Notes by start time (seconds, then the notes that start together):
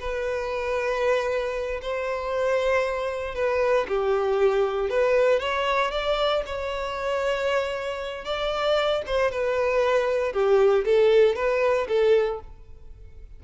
0.00 B4
1.82 C5
3.35 B4
3.88 G4
4.90 B4
5.40 C#5
5.91 D5
6.46 C#5
8.25 D5
9.06 C5
9.31 B4
10.33 G4
10.85 A4
11.36 B4
11.88 A4